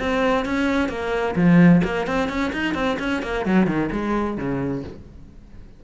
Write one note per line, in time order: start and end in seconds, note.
0.00 0.46 C4
0.46 0.89 C#4
0.89 1.35 A#3
1.36 1.82 F3
1.84 2.07 A#3
2.07 2.29 C4
2.29 2.52 C#4
2.53 2.75 D#4
2.75 2.98 C4
3.00 3.23 C#4
3.23 3.46 A#3
3.46 3.67 F#3
3.67 3.90 D#3
3.92 4.38 G#3
4.38 4.84 C#3